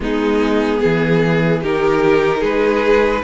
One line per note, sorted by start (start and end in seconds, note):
0.00 0.81 G#3
0.00 1.63 B3
0.00 0.79 D#4
0.00 1.64 G#4
0.79 1.63 E3
0.79 1.60 G#4
1.62 2.42 D#3
1.62 3.23 D#4
1.62 2.39 G4
1.62 2.43 A#4
2.39 3.23 G#3
2.39 3.20 G#4
2.39 3.23 B4